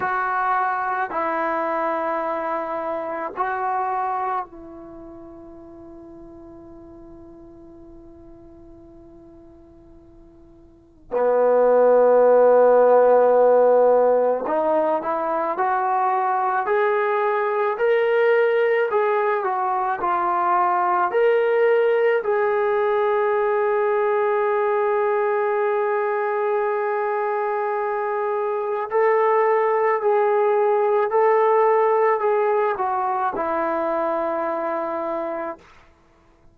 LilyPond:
\new Staff \with { instrumentName = "trombone" } { \time 4/4 \tempo 4 = 54 fis'4 e'2 fis'4 | e'1~ | e'2 b2~ | b4 dis'8 e'8 fis'4 gis'4 |
ais'4 gis'8 fis'8 f'4 ais'4 | gis'1~ | gis'2 a'4 gis'4 | a'4 gis'8 fis'8 e'2 | }